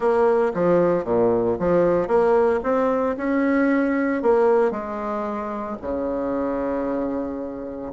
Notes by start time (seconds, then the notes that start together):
0.00 A#3
0.54 F3
1.04 A#2
1.59 F3
2.07 A#3
2.63 C4
3.17 C#4
4.22 A#3
4.71 G#3
5.81 C#3